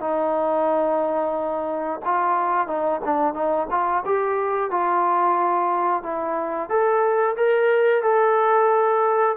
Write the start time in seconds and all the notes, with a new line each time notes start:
0.00 D#4
2.05 F4
2.67 D#4
3.05 D4
3.33 D#4
3.70 F4
4.05 G4
4.70 F4
6.02 E4
6.69 A4
7.36 A#4
8.02 A4